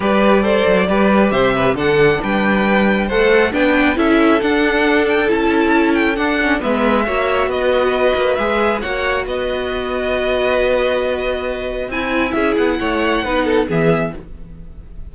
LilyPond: <<
  \new Staff \with { instrumentName = "violin" } { \time 4/4 \tempo 4 = 136 d''2. e''4 | fis''4 g''2 fis''4 | g''4 e''4 fis''4. g''8 | a''4. g''8 fis''4 e''4~ |
e''4 dis''2 e''4 | fis''4 dis''2.~ | dis''2. gis''4 | e''8 fis''2~ fis''8 e''4 | }
  \new Staff \with { instrumentName = "violin" } { \time 4/4 b'4 c''4 b'4 c''8 b'8 | a'4 b'2 c''4 | b'4 a'2.~ | a'2. b'4 |
cis''4 b'2. | cis''4 b'2.~ | b'2. e'4 | gis'4 cis''4 b'8 a'8 gis'4 | }
  \new Staff \with { instrumentName = "viola" } { \time 4/4 g'4 a'4 g'2 | d'2. a'4 | d'4 e'4 d'2 | e'2 d'8 cis'8 b4 |
fis'2. gis'4 | fis'1~ | fis'2. e'4~ | e'2 dis'4 b4 | }
  \new Staff \with { instrumentName = "cello" } { \time 4/4 g4. fis8 g4 c4 | d4 g2 a4 | b4 cis'4 d'2 | cis'2 d'4 gis4 |
ais4 b4. ais8 gis4 | ais4 b2.~ | b2. c'4 | cis'8 b8 a4 b4 e4 | }
>>